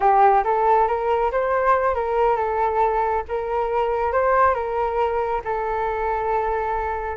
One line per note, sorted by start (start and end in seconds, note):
0.00 0.43 G4
0.43 0.87 A4
0.87 1.31 A#4
1.31 1.94 C5
1.94 2.36 A#4
2.36 3.23 A4
3.28 4.12 A#4
4.12 4.54 C5
4.54 5.41 A#4
5.44 7.16 A4